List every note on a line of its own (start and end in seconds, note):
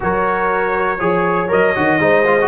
0.00 1.00 F#3
0.00 0.98 F#4
0.00 1.00 A#4
0.00 1.51 C#5
0.99 1.50 F3
0.99 1.48 G#4
0.99 2.00 C#5
1.48 1.76 F#3
1.48 1.73 A#4
1.48 2.48 D#5
1.75 1.99 D#3
1.75 1.99 F#4
1.99 2.48 G#3
1.99 2.24 D#4
1.99 2.48 C5
2.26 2.38 F4
2.41 2.48 F#4